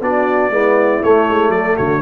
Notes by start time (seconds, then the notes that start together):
0.00 B3 D4 F#4 D5
0.49 G#3 B3 E4
1.03 A3 C#5
1.28 G#3
1.48 F#3 A4 D5
1.76 D3 F#4 C#5